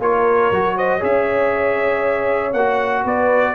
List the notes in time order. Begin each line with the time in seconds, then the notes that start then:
0.00 A#3 F4 A#4 C#5
0.52 F#3 F#4
0.77 C5 D#5
0.99 C#4 G#4 C#5 E5
2.53 A#3 F#4 F#5
3.03 B3 B4 D5